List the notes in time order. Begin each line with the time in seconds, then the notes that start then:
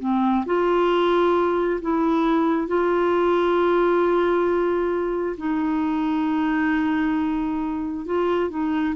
0.00 C4
0.46 F4
1.82 E4
2.68 F4
5.38 D#4
8.06 F4
8.50 D#4